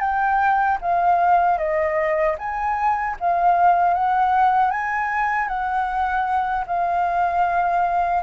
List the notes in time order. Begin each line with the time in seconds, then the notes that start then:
0.00 G5
0.81 F5
1.58 D#5
2.38 G#5
3.20 F5
3.94 F#5
4.71 G#5
5.48 F#5
6.67 F5